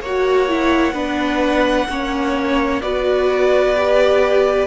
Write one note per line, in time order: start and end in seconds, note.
0.00 0.93 A#3
0.00 0.94 C#5
0.00 2.82 F#5
0.07 0.49 F#4
0.49 0.94 E4
0.93 1.87 B3
0.93 1.88 D4
0.93 1.87 B4
1.89 2.83 A#3
1.89 2.82 C#4
1.89 2.82 C#5
2.82 4.68 B3
2.82 3.76 F#4
2.82 4.68 B4
2.82 4.68 D5
3.77 4.68 G4